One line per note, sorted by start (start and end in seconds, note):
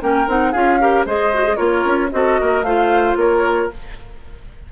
0.00 0.27 A#3
0.00 0.26 C#4
0.00 0.52 A#4
0.00 0.29 G5
0.27 0.54 C4
0.27 0.54 D#4
0.27 0.52 F#5
0.52 1.05 C#4
0.52 0.80 F4
0.52 0.78 G#4
0.52 1.04 F5
0.80 1.07 G4
0.80 1.06 A#4
1.05 1.58 G#3
1.05 1.33 G#4
1.05 1.57 C5
1.05 1.56 D#5
1.34 1.44 F#4
1.44 1.57 G#4
1.56 1.85 A#3
1.56 2.10 F4
1.56 2.09 A#4
1.56 2.09 C#5
1.85 2.11 C#4
2.11 2.39 C4
2.11 2.64 F#4
2.11 2.40 A4
2.11 2.63 D#5
2.40 2.62 A#3
2.40 2.65 A#4
2.62 3.15 A3
2.62 3.71 F4
2.62 3.18 C5
2.62 3.16 F5
3.16 3.69 A#3
3.16 3.72 A#4
3.16 3.71 C#5